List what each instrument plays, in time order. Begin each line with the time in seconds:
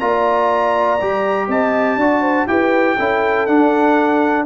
0.00 tuba A#3, trombone F4, horn D5, trumpet A#5
1.01 tuba G3, trombone G4
1.48 tuba C4, horn D#5, trumpet A5
1.96 tuba D4, trombone F#4, horn D5
2.22 horn C5
2.48 tuba E4, trombone G4, horn B4, trumpet G5
2.97 tuba C#4, trombone E4, horn A4
3.47 trombone D4, tuba D4, trumpet F#5